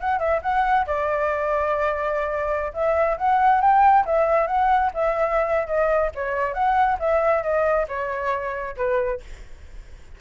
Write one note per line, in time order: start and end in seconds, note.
0.00 0.19 F#5
0.19 0.41 E5
0.42 0.86 F#5
0.86 2.73 D5
2.73 3.17 E5
3.17 3.61 F#5
3.61 4.05 G5
4.05 4.47 E5
4.47 4.91 F#5
4.94 5.67 E5
5.67 6.11 D#5
6.15 6.54 C#5
6.54 6.98 F#5
6.99 7.43 E5
7.43 7.87 D#5
7.88 8.76 C#5
8.77 9.20 B4